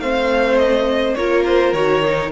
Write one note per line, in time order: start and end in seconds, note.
0.00 1.15 A3
0.00 1.18 C4
0.00 1.18 C5
0.00 0.58 F5
0.58 1.15 D#5
1.15 1.73 A#3
1.15 1.75 F4
1.15 2.32 A#4
1.15 1.44 C#5
1.46 1.74 C5
1.73 2.31 D#3
1.73 2.03 F#4
1.73 2.31 C#5
2.03 2.32 D#4